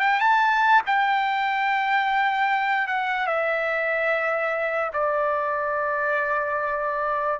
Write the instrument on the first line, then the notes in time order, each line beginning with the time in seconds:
trumpet
0.00 G5
0.20 A5
0.86 G5
2.88 F#5
3.27 E5
4.93 D5